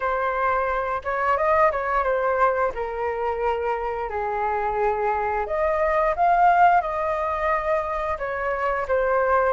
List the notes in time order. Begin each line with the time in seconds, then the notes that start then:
0.00 C5
1.04 C#5
1.37 D#5
1.71 C#5
2.03 C5
2.74 A#4
4.09 G#4
5.46 D#5
6.15 F5
6.81 D#5
8.18 C#5
8.88 C5